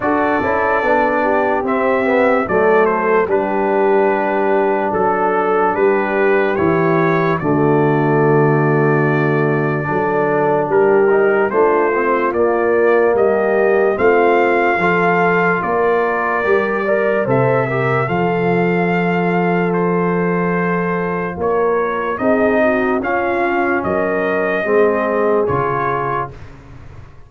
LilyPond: <<
  \new Staff \with { instrumentName = "trumpet" } { \time 4/4 \tempo 4 = 73 d''2 e''4 d''8 c''8 | b'2 a'4 b'4 | cis''4 d''2.~ | d''4 ais'4 c''4 d''4 |
dis''4 f''2 d''4~ | d''4 e''4 f''2 | c''2 cis''4 dis''4 | f''4 dis''2 cis''4 | }
  \new Staff \with { instrumentName = "horn" } { \time 4/4 a'4. g'4. a'4 | g'2 a'4 g'4~ | g'4 fis'2. | a'4 g'4 f'2 |
g'4 f'4 a'4 ais'4~ | ais'8 d''8 c''8 ais'8 a'2~ | a'2 ais'4 gis'8 fis'8 | f'4 ais'4 gis'2 | }
  \new Staff \with { instrumentName = "trombone" } { \time 4/4 fis'8 e'8 d'4 c'8 b8 a4 | d'1 | e'4 a2. | d'4. dis'8 d'8 c'8 ais4~ |
ais4 c'4 f'2 | g'8 ais'8 a'8 g'8 f'2~ | f'2. dis'4 | cis'2 c'4 f'4 | }
  \new Staff \with { instrumentName = "tuba" } { \time 4/4 d'8 cis'8 b4 c'4 fis4 | g2 fis4 g4 | e4 d2. | fis4 g4 a4 ais4 |
g4 a4 f4 ais4 | g4 c4 f2~ | f2 ais4 c'4 | cis'4 fis4 gis4 cis4 | }
>>